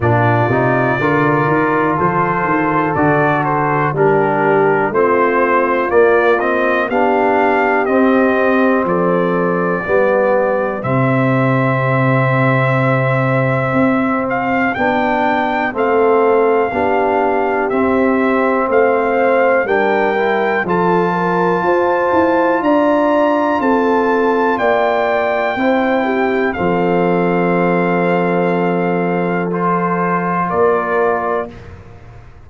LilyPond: <<
  \new Staff \with { instrumentName = "trumpet" } { \time 4/4 \tempo 4 = 61 d''2 c''4 d''8 c''8 | ais'4 c''4 d''8 dis''8 f''4 | dis''4 d''2 e''4~ | e''2~ e''8 f''8 g''4 |
f''2 e''4 f''4 | g''4 a''2 ais''4 | a''4 g''2 f''4~ | f''2 c''4 d''4 | }
  \new Staff \with { instrumentName = "horn" } { \time 4/4 f'4 ais'4 a'2 | g'4 f'2 g'4~ | g'4 a'4 g'2~ | g'1 |
a'4 g'2 c''4 | ais'4 a'8 ais'8 c''4 d''4 | a'4 d''4 c''8 g'8 a'4~ | a'2. ais'4 | }
  \new Staff \with { instrumentName = "trombone" } { \time 4/4 d'8 dis'8 f'2 fis'4 | d'4 c'4 ais8 c'8 d'4 | c'2 b4 c'4~ | c'2. d'4 |
c'4 d'4 c'2 | d'8 e'8 f'2.~ | f'2 e'4 c'4~ | c'2 f'2 | }
  \new Staff \with { instrumentName = "tuba" } { \time 4/4 ais,8 c8 d8 dis8 f8 dis8 d4 | g4 a4 ais4 b4 | c'4 f4 g4 c4~ | c2 c'4 b4 |
a4 b4 c'4 a4 | g4 f4 f'8 e'8 d'4 | c'4 ais4 c'4 f4~ | f2. ais4 | }
>>